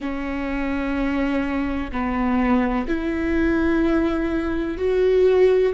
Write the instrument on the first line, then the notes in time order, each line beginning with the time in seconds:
viola
0.00 C#4
1.91 B3
2.87 E4
4.77 F#4